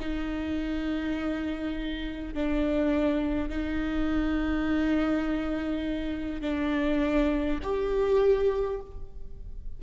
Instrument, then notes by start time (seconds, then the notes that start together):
viola
0.00 D#4
2.34 D4
3.49 D#4
6.41 D4
7.63 G4